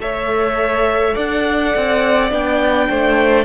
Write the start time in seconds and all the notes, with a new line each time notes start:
0.00 A3 A4 C#5 E5
1.15 D4 D5 F#5
1.76 C4
2.31 B3 D4 G5
2.90 A3 C5